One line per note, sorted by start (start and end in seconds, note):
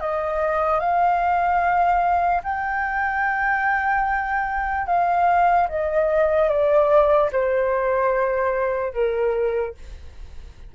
0.00 0.80 D#5
0.80 2.42 F5
2.43 4.86 G5
4.86 5.68 F5
5.68 6.49 D#5
6.49 7.30 D5
7.32 8.93 C5
8.93 9.74 A#4